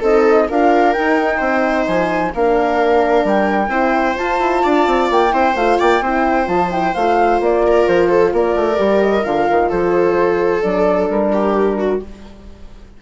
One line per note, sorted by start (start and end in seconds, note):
0.00 0.48 C4
0.00 0.50 D#4
0.00 0.46 A4
0.00 0.50 D#5
0.49 0.97 D4
0.49 0.96 F4
0.49 1.38 A#4
0.49 0.93 F5
0.93 2.34 D#4
0.93 1.40 D#4
0.93 1.86 G5
1.38 1.87 C4
1.38 2.30 C5
1.87 2.34 F3
1.87 2.33 G#5
2.34 3.24 A#3
2.34 3.70 D4
2.34 3.71 A#4
2.34 3.27 F5
3.24 3.69 G3
3.24 4.17 G5
3.69 4.15 C4
3.69 4.16 E4
3.69 4.63 C5
4.16 5.31 F4
4.16 4.40 F4
4.16 5.10 A5
4.40 4.63 E4
4.63 4.87 D4
4.63 5.33 D5
4.87 5.10 C4
5.10 5.33 A#3
5.10 5.56 G5
5.31 5.55 C4
5.31 5.54 E4
5.31 5.79 C5
5.55 5.78 A3
5.55 6.03 F4
5.55 5.79 F5
5.79 6.01 A#3
5.79 6.02 D5
5.79 6.48 G5
6.01 6.48 C4
6.01 6.46 E4
6.01 7.64 C5
6.46 6.94 F3
6.46 6.69 F4
6.46 6.71 A5
6.72 6.95 E4
6.72 6.94 G5
6.94 7.40 A3
6.94 8.76 F4
6.94 7.40 F5
7.40 7.87 A#3
7.40 7.88 D5
7.67 8.10 A#4
7.88 8.33 F3
7.88 8.34 C5
8.10 8.33 A4
8.33 8.55 A#3
8.33 9.69 A#4
8.33 9.02 D5
8.55 8.78 A3
8.76 9.25 G3
8.76 9.23 G4
9.02 9.25 D#5
9.25 9.48 D3
9.25 10.63 F4
9.25 9.71 F5
9.51 9.72 D#3
9.69 10.64 F3
9.69 11.31 A4
9.69 10.63 C5
10.63 11.10 F#3
10.63 12.01 D4
10.63 11.09 D5
11.10 12.02 G3
11.10 12.02 A#4
11.33 11.79 G4
11.79 12.02 F#4